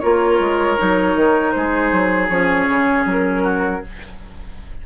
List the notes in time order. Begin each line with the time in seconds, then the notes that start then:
0.00 A#3 F4 A#4 C#5
0.40 G#3
0.78 F#3 D#4
1.16 D#3
1.52 G#3 G#4 C5
1.92 F#3
2.29 F3 C#4 C#5
2.68 C#3
3.06 F#3 A#4
3.43 F#4